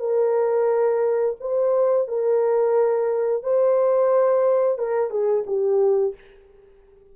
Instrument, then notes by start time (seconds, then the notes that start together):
horn
0.00 A#4
1.41 C5
2.08 A#4
3.43 C5
4.78 A#4
5.10 G#4
5.47 G4